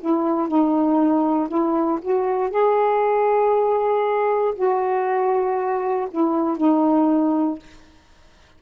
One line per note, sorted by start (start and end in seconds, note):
0.00 0.48 E4
0.48 1.48 D#4
1.48 1.99 E4
2.01 2.50 F#4
2.50 4.53 G#4
4.55 6.08 F#4
6.10 6.57 E4
6.57 7.59 D#4